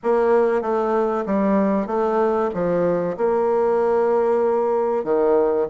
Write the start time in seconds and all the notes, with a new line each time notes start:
0.03 A#3
0.61 A3
1.26 G3
1.86 A3
2.53 F3
3.17 A#3
5.04 D#3